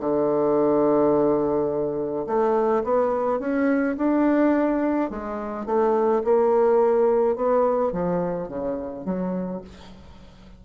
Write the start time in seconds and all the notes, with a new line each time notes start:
0.00 D3
2.27 A3
2.84 B3
3.40 C#4
3.98 D4
5.10 G#3
5.66 A3
6.24 A#3
7.36 B3
7.92 F3
8.48 C#3
9.05 F#3